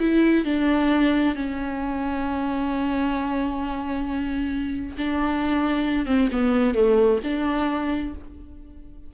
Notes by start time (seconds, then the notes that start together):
0.00 E4
0.46 D4
1.36 C#4
4.98 D4
6.06 C4
6.32 B3
6.75 A3
7.24 D4